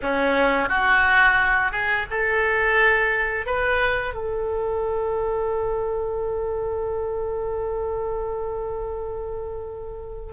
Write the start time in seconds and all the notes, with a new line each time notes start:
0.02 C#4
0.68 F#4
1.71 G#4
2.10 A4
3.45 B4
4.14 A4